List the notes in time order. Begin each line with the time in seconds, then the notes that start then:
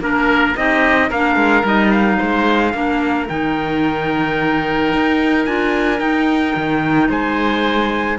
0.00 A#3 D4 A#4
0.56 C4 D#4 G4 D#5
1.10 A#3 D4 A#4 F5
1.36 G#3
1.64 G3 D#4 D#5
1.92 F5
2.18 G#3 C5
2.73 A#3 D4 A#4
3.29 D#3 D#4 G5
4.94 D#4
5.46 D4 F4 G#5
5.99 D#4 G5
6.56 D#3
7.09 G#3 C5 G#5